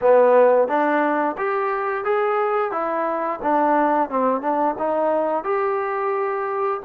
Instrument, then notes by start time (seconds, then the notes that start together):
trombone
0.01 B3
0.68 D4
1.37 G4
2.04 G#4
2.71 E4
3.42 D4
4.09 C4
4.41 D4
4.78 D#4
5.44 G4